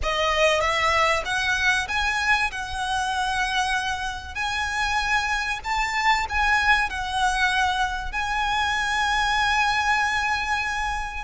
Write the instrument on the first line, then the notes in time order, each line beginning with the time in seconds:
violin
0.02 D#5
0.60 E5
1.25 F#5
1.88 G#5
2.51 F#5
4.34 G#5
5.64 A5
6.29 G#5
6.89 F#5
8.11 G#5